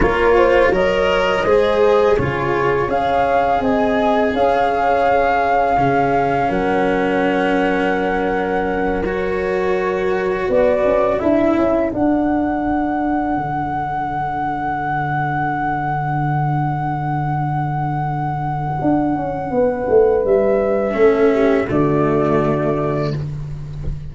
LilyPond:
<<
  \new Staff \with { instrumentName = "flute" } { \time 4/4 \tempo 4 = 83 cis''4 dis''2 cis''4 | f''4 gis''4 f''2~ | f''4 fis''2.~ | fis''8 cis''2 d''4 e''8~ |
e''8 fis''2.~ fis''8~ | fis''1~ | fis''1 | e''2 d''2 | }
  \new Staff \with { instrumentName = "horn" } { \time 4/4 ais'8 c''8 cis''4 c''4 gis'4 | cis''4 dis''4 cis''2 | gis'4 ais'2.~ | ais'2~ ais'8 b'4 a'8~ |
a'1~ | a'1~ | a'2. b'4~ | b'4 a'8 g'8 fis'2 | }
  \new Staff \with { instrumentName = "cello" } { \time 4/4 f'4 ais'4 gis'4 f'4 | gis'1 | cis'1~ | cis'8 fis'2. e'8~ |
e'8 d'2.~ d'8~ | d'1~ | d'1~ | d'4 cis'4 a2 | }
  \new Staff \with { instrumentName = "tuba" } { \time 4/4 ais4 fis4 gis4 cis4 | cis'4 c'4 cis'2 | cis4 fis2.~ | fis2~ fis8 b8 cis'8 d'8 |
cis'8 d'2 d4.~ | d1~ | d2 d'8 cis'8 b8 a8 | g4 a4 d2 | }
>>